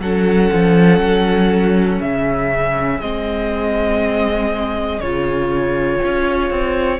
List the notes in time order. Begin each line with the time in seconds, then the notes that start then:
0.00 F#3 C#4 A4 F#5
0.53 F3
1.00 F#3
2.01 C#3 G#4 E5
3.01 G#3 C4 D#5
5.00 C#3 F4 C#5
6.04 C#4
6.50 C4